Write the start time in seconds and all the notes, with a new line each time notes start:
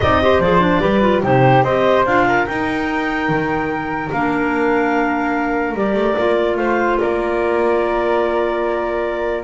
0.00 C4 D#4 D5 D#5
0.21 G4 C5
0.39 F3 G#4 D5
0.60 D4
0.80 G3 G4 B4
1.01 F4
1.22 C3 D#4 G4 C5
1.63 C4 G4 C5 D#5
2.05 D4 F4 F5
2.27 A#4
2.46 D#4 G5
3.28 D#3
4.11 A#3 D4 F5
5.74 G3 G4 D5
5.94 A3
6.17 A#3 F4
6.56 A3 C5 F5
6.98 A#3 A#4 D5